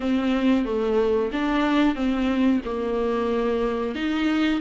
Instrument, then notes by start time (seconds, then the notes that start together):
viola
0.00 C4
0.65 A3
1.32 D4
1.95 C4
2.64 A#3
3.95 D#4